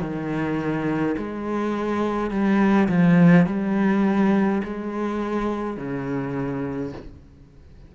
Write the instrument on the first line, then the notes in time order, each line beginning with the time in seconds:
cello
0.00 D#3
1.17 G#3
2.30 G3
2.88 F3
3.46 G3
4.64 G#3
5.77 C#3